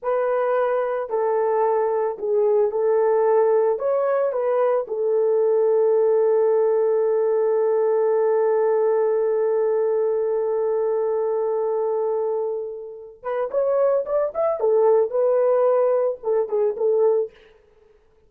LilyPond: \new Staff \with { instrumentName = "horn" } { \time 4/4 \tempo 4 = 111 b'2 a'2 | gis'4 a'2 cis''4 | b'4 a'2.~ | a'1~ |
a'1~ | a'1~ | a'8 b'8 cis''4 d''8 e''8 a'4 | b'2 a'8 gis'8 a'4 | }